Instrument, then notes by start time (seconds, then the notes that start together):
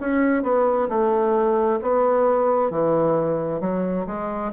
bassoon
0.00 C#4
0.43 B3
0.89 A3
1.82 B3
2.71 E3
3.61 F#3
4.07 G#3